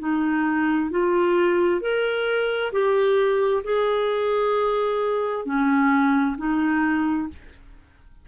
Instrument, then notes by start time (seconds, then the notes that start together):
clarinet
0.00 D#4
0.91 F4
1.81 A#4
2.72 G4
3.64 G#4
5.46 C#4
6.38 D#4